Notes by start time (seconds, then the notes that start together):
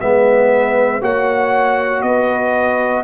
0.00 G#3 B3 B4 E5
1.01 A#3 F#4 C#5 F#5
2.02 B3 B4 D#5